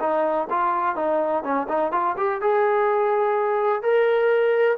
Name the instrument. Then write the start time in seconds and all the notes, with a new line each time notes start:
trombone
0.00 D#4
0.50 F4
0.96 D#4
1.43 C#4
1.68 D#4
1.92 F4
2.17 G4
2.41 G#4
3.82 A#4